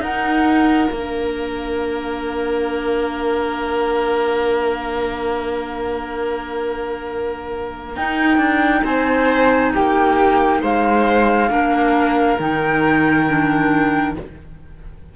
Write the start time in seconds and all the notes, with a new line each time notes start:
0.00 D#4 A#4 F#5
0.90 A#3 D4 F5
7.96 D#4 G5
8.38 D4
8.84 C4 C5 G#5
9.73 A#3 G4 G5
10.61 G#3 C5 F5
11.49 A#3 D4 A#4
12.40 D#3 D#4 G5
13.28 D4